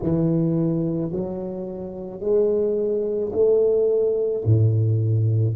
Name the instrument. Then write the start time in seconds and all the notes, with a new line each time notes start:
tuba
0.02 E3
1.11 F#3
2.20 G#3
3.32 A3
4.44 A2